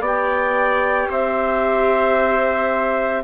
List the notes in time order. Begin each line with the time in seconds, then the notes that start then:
0.00 B3 G4 D5 G5
1.09 C4 C5 E5